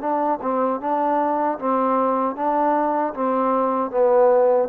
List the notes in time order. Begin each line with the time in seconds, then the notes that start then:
0.00 D4
0.41 C4
0.80 D4
1.59 C4
2.36 D4
3.14 C4
3.91 B3